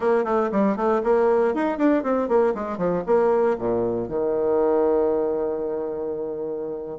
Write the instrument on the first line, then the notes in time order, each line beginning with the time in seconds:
bassoon
0.00 A#3
0.24 A3
0.51 G3
0.76 A3
1.03 A#3
1.54 D#4
1.78 D4
2.03 C4
2.28 A#3
2.54 G#3
2.77 F3
3.06 A#3
3.58 A#2
4.08 D#3